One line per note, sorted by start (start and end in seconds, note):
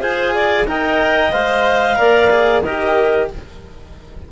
0.00 0.65 F4
0.00 0.66 G#4
0.00 0.33 C5
0.00 0.67 G#5
0.34 0.67 D5
0.67 1.32 D#4
0.67 1.32 A#4
0.67 1.98 D#5
0.67 1.32 G5
1.32 1.98 G#3
1.32 1.95 C5
1.32 2.62 F5
1.95 2.63 A#3
1.95 2.28 A#4
1.95 2.63 D5
2.30 2.62 G#4
2.62 3.29 D#3
2.62 3.31 G4
2.62 3.28 A#4
2.62 3.28 D#5